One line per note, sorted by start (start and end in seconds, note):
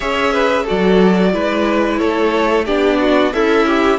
0.00 0.67 C#4
0.00 0.66 G#4
0.00 0.32 C#5
0.00 0.65 E5
0.32 0.63 B4
0.63 1.32 F#4
0.63 1.30 A4
0.63 1.98 D5
0.70 1.34 F#3
1.32 2.00 G#3
1.32 2.66 E4
1.32 1.99 B4
1.98 2.68 A3
1.98 2.65 A4
1.98 2.65 C#5
2.65 3.33 B3
2.65 3.33 D4
2.65 2.98 G4
2.65 3.32 D5
3.00 3.33 F#4
3.32 3.99 C#4
3.32 3.99 E4
3.32 3.66 A4
3.32 3.99 E5
3.66 3.99 G4